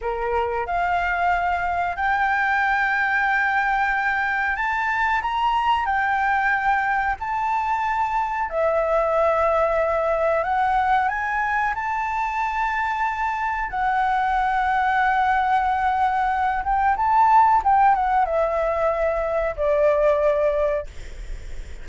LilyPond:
\new Staff \with { instrumentName = "flute" } { \time 4/4 \tempo 4 = 92 ais'4 f''2 g''4~ | g''2. a''4 | ais''4 g''2 a''4~ | a''4 e''2. |
fis''4 gis''4 a''2~ | a''4 fis''2.~ | fis''4. g''8 a''4 g''8 fis''8 | e''2 d''2 | }